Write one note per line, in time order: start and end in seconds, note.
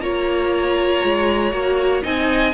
0.00 1.02 A#3
0.00 1.52 F4
0.00 2.04 C#5
0.00 2.04 A#5
1.04 1.53 G#3
1.52 2.04 A#3
1.52 2.03 F#4
2.03 2.54 C4
2.03 2.54 D#4
2.03 2.54 D#5
2.03 2.54 G#5